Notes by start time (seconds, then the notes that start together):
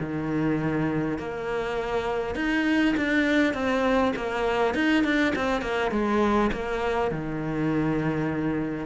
0.00 D#3
1.19 A#3
2.36 D#4
2.97 D4
3.54 C4
4.16 A#3
4.75 D#4
5.04 D4
5.36 C4
5.62 A#3
5.92 G#3
6.53 A#3
7.12 D#3